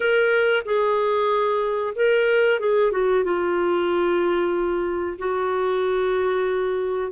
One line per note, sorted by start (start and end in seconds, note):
0.00 0.63 A#4
0.65 1.94 G#4
1.95 2.59 A#4
2.59 2.91 G#4
2.91 3.23 F#4
3.23 5.17 F4
5.18 7.11 F#4